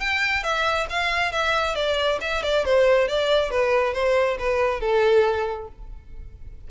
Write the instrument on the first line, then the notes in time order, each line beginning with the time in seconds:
violin
0.00 G5
0.43 E5
0.90 F5
1.32 E5
1.75 D5
2.21 E5
2.43 D5
2.65 C5
3.08 D5
3.51 B4
3.94 C5
4.39 B4
4.81 A4